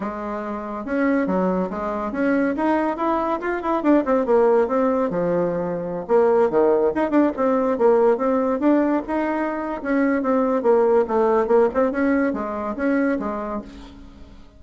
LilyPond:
\new Staff \with { instrumentName = "bassoon" } { \time 4/4 \tempo 4 = 141 gis2 cis'4 fis4 | gis4 cis'4 dis'4 e'4 | f'8 e'8 d'8 c'8 ais4 c'4 | f2~ f16 ais4 dis8.~ |
dis16 dis'8 d'8 c'4 ais4 c'8.~ | c'16 d'4 dis'4.~ dis'16 cis'4 | c'4 ais4 a4 ais8 c'8 | cis'4 gis4 cis'4 gis4 | }